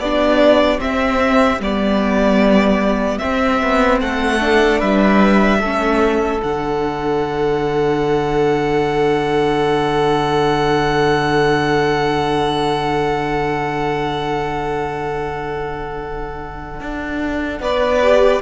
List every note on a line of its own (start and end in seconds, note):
0.00 0.80 B3
0.00 0.79 D4
0.00 4.01 G4
0.00 0.80 D5
0.79 1.59 C4
0.79 1.61 E5
1.59 3.19 G3
1.59 3.20 B3
1.59 3.19 D5
3.19 4.40 C4
3.19 3.63 C4
3.19 3.99 E5
3.63 4.02 B3
4.01 4.82 A3
4.01 4.79 A4
4.01 4.81 F#5
4.41 5.61 D4
4.79 5.62 G3
4.79 5.59 B4
4.79 6.41 E5
5.61 6.42 A3
5.61 6.40 C#4
5.61 17.61 A4
6.40 16.80 D3
6.40 18.00 D4
6.40 17.62 F#5
16.80 17.60 D4
17.60 18.40 B3
17.60 18.42 B4
17.60 18.42 D5
18.03 18.43 G4